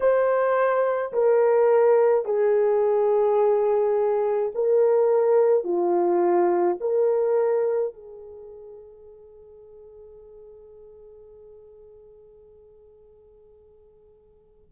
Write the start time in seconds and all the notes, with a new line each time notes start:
0.00 C5
1.13 A#4
2.25 G#4
4.54 A#4
5.63 F4
6.80 A#4
7.93 G#4